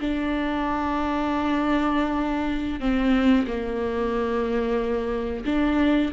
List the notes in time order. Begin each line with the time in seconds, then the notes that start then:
0.00 D4
2.80 C4
3.46 A#3
5.45 D4